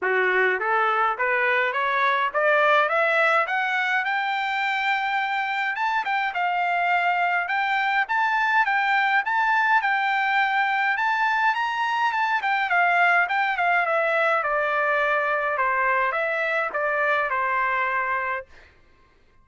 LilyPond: \new Staff \with { instrumentName = "trumpet" } { \time 4/4 \tempo 4 = 104 fis'4 a'4 b'4 cis''4 | d''4 e''4 fis''4 g''4~ | g''2 a''8 g''8 f''4~ | f''4 g''4 a''4 g''4 |
a''4 g''2 a''4 | ais''4 a''8 g''8 f''4 g''8 f''8 | e''4 d''2 c''4 | e''4 d''4 c''2 | }